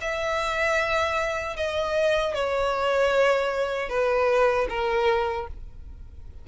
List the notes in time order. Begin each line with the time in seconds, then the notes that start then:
0.00 E5
1.56 D#5
2.34 C#5
3.89 B4
4.69 A#4